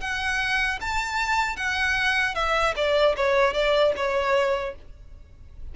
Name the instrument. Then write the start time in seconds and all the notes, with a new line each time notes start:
violin
0.00 F#5
0.80 A5
1.56 F#5
2.34 E5
2.76 D5
3.16 C#5
3.53 D5
3.96 C#5